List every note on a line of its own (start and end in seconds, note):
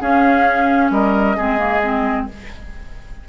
0.00 0.90 C#4
0.00 1.37 C#4
0.00 0.91 G#4
0.00 0.91 F5
0.90 1.36 G3
0.90 1.36 A#4
0.90 2.27 D#5
1.36 2.28 G#3
1.36 1.58 C4
1.36 2.27 G#4
1.58 1.80 A#3
1.83 2.29 C4